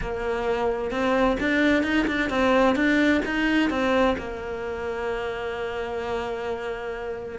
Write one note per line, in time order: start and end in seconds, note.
0.01 0.90 A#3
0.90 1.36 C4
1.40 1.83 D4
1.83 2.06 D#4
2.07 2.29 D4
2.29 2.75 C4
2.75 3.21 D4
3.25 3.70 D#4
3.70 4.16 C4
4.17 7.39 A#3